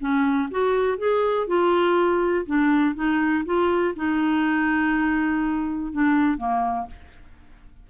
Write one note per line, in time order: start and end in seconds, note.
0.00 0.49 C#4
0.51 0.98 F#4
0.98 1.47 G#4
1.47 2.46 F4
2.46 2.95 D4
2.95 3.44 D#4
3.45 3.95 F4
3.96 5.92 D#4
5.92 6.38 D4
6.38 6.87 A#3